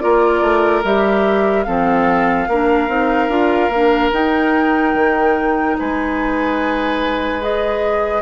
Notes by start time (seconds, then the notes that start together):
0.00 A#3 F4 A#4 D5
0.42 A3
0.84 G3 G4 E5
1.64 F3 C4 A4 F5
2.48 A#3 D4 A#4
2.88 C4 D#4
3.29 D4 F4
3.69 A#3 D4
4.12 D#4 G5
4.94 D#3
5.79 G#3 B4 G#5
7.41 G#4 D#5